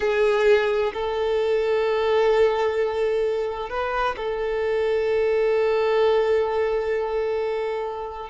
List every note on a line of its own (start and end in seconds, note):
0.00 0.92 G#4
0.93 3.69 A4
3.69 4.15 B4
4.16 8.29 A4